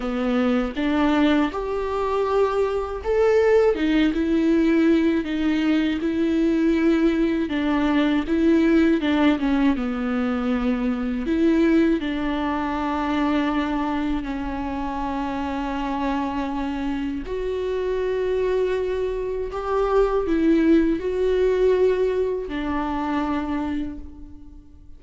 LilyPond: \new Staff \with { instrumentName = "viola" } { \time 4/4 \tempo 4 = 80 b4 d'4 g'2 | a'4 dis'8 e'4. dis'4 | e'2 d'4 e'4 | d'8 cis'8 b2 e'4 |
d'2. cis'4~ | cis'2. fis'4~ | fis'2 g'4 e'4 | fis'2 d'2 | }